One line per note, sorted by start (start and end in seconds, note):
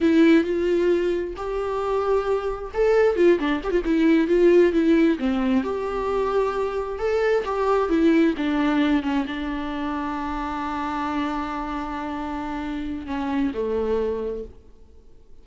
0.00 0.44 E4
0.44 1.34 F4
1.36 2.71 G4
2.74 3.16 A4
3.16 3.38 F4
3.39 3.61 D4
3.63 3.70 G4
3.70 3.81 F4
3.84 4.27 E4
4.27 4.72 F4
4.72 5.18 E4
5.18 5.63 C4
5.63 6.98 G4
6.98 7.44 A4
7.45 7.89 G4
7.89 8.34 E4
8.37 9.02 D4
9.02 9.25 C#4
9.26 13.06 D4
13.06 13.51 C#4
13.53 14.44 A3